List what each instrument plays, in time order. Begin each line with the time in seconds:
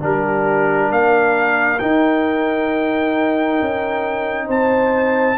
0.00 tuba G3, trombone D4, horn G4, trumpet A#4
0.91 tuba A#3, horn A#4, trumpet F5
1.79 trombone D#4, tuba D#4, trumpet G5
3.62 tuba C#4
4.46 tuba C4, horn C5, trumpet A5